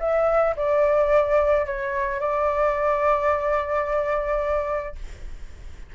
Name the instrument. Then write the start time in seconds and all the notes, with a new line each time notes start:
flute
0.00 E5
0.57 D5
1.66 C#5
2.20 D5